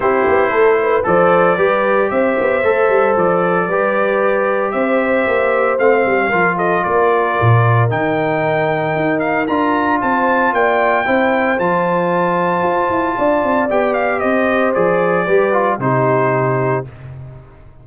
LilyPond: <<
  \new Staff \with { instrumentName = "trumpet" } { \time 4/4 \tempo 4 = 114 c''2 d''2 | e''2 d''2~ | d''4 e''2 f''4~ | f''8 dis''8 d''2 g''4~ |
g''4. f''8 ais''4 a''4 | g''2 a''2~ | a''2 g''8 f''8 dis''4 | d''2 c''2 | }
  \new Staff \with { instrumentName = "horn" } { \time 4/4 g'4 a'8 b'8 c''4 b'4 | c''2. b'4~ | b'4 c''2. | ais'8 a'8 ais'2.~ |
ais'2. c''4 | d''4 c''2.~ | c''4 d''2 c''4~ | c''4 b'4 g'2 | }
  \new Staff \with { instrumentName = "trombone" } { \time 4/4 e'2 a'4 g'4~ | g'4 a'2 g'4~ | g'2. c'4 | f'2. dis'4~ |
dis'2 f'2~ | f'4 e'4 f'2~ | f'2 g'2 | gis'4 g'8 f'8 dis'2 | }
  \new Staff \with { instrumentName = "tuba" } { \time 4/4 c'8 b8 a4 f4 g4 | c'8 b8 a8 g8 f4 g4~ | g4 c'4 ais4 a8 g8 | f4 ais4 ais,4 dis4~ |
dis4 dis'4 d'4 c'4 | ais4 c'4 f2 | f'8 e'8 d'8 c'8 b4 c'4 | f4 g4 c2 | }
>>